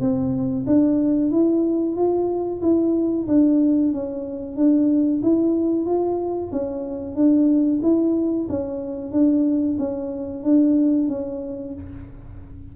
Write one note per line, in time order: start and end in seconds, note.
0.00 0.65 C4
0.66 1.31 D4
1.31 1.96 E4
1.96 2.61 F4
2.61 3.27 E4
3.27 3.92 D4
3.92 4.56 C#4
4.56 5.21 D4
5.22 5.86 E4
5.86 6.51 F4
6.52 7.15 C#4
7.15 7.81 D4
7.82 8.48 E4
8.49 9.12 C#4
9.12 9.77 D4
9.79 10.43 C#4
10.43 11.08 D4
11.08 11.73 C#4